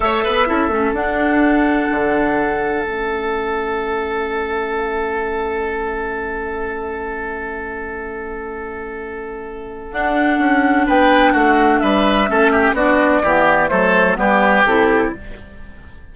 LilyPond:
<<
  \new Staff \with { instrumentName = "flute" } { \time 4/4 \tempo 4 = 127 e''2 fis''2~ | fis''2 e''2~ | e''1~ | e''1~ |
e''1~ | e''4 fis''2 g''4 | fis''4 e''2 d''4~ | d''4 c''4 b'4 a'4 | }
  \new Staff \with { instrumentName = "oboe" } { \time 4/4 cis''8 b'8 a'2.~ | a'1~ | a'1~ | a'1~ |
a'1~ | a'2. b'4 | fis'4 b'4 a'8 g'8 fis'4 | g'4 a'4 g'2 | }
  \new Staff \with { instrumentName = "clarinet" } { \time 4/4 a'4 e'8 cis'8 d'2~ | d'2 cis'2~ | cis'1~ | cis'1~ |
cis'1~ | cis'4 d'2.~ | d'2 cis'4 d'4 | b4 a4 b4 e'4 | }
  \new Staff \with { instrumentName = "bassoon" } { \time 4/4 a8 b8 cis'8 a8 d'2 | d2 a2~ | a1~ | a1~ |
a1~ | a4 d'4 cis'4 b4 | a4 g4 a4 b4 | e4 fis4 g4 c4 | }
>>